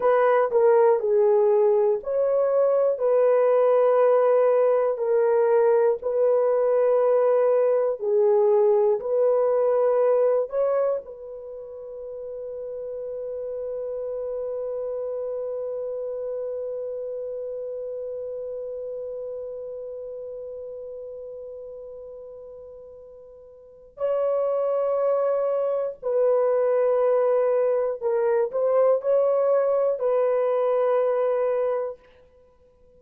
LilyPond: \new Staff \with { instrumentName = "horn" } { \time 4/4 \tempo 4 = 60 b'8 ais'8 gis'4 cis''4 b'4~ | b'4 ais'4 b'2 | gis'4 b'4. cis''8 b'4~ | b'1~ |
b'1~ | b'1 | cis''2 b'2 | ais'8 c''8 cis''4 b'2 | }